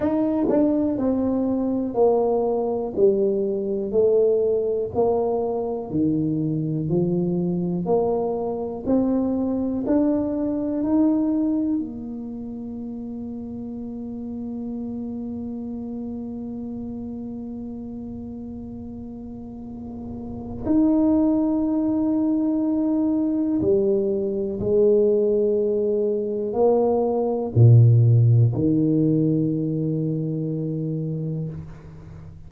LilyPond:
\new Staff \with { instrumentName = "tuba" } { \time 4/4 \tempo 4 = 61 dis'8 d'8 c'4 ais4 g4 | a4 ais4 dis4 f4 | ais4 c'4 d'4 dis'4 | ais1~ |
ais1~ | ais4 dis'2. | g4 gis2 ais4 | ais,4 dis2. | }